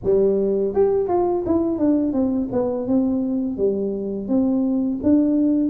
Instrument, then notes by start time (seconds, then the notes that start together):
tuba
0.03 G3
0.74 G4
1.08 F4
1.46 E4
1.78 D4
2.12 C4
2.52 B3
2.87 C4
3.57 G3
4.28 C4
5.02 D4